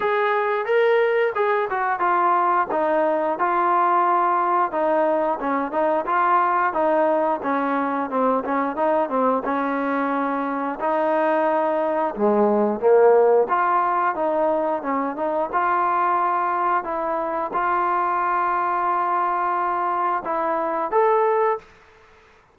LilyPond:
\new Staff \with { instrumentName = "trombone" } { \time 4/4 \tempo 4 = 89 gis'4 ais'4 gis'8 fis'8 f'4 | dis'4 f'2 dis'4 | cis'8 dis'8 f'4 dis'4 cis'4 | c'8 cis'8 dis'8 c'8 cis'2 |
dis'2 gis4 ais4 | f'4 dis'4 cis'8 dis'8 f'4~ | f'4 e'4 f'2~ | f'2 e'4 a'4 | }